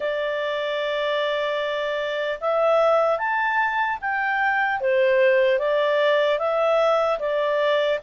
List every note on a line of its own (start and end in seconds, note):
0.00 2.39 D5
2.40 3.18 E5
3.18 3.98 A5
4.01 4.80 G5
4.80 5.58 C5
5.58 6.38 D5
6.38 7.18 E5
7.19 7.99 D5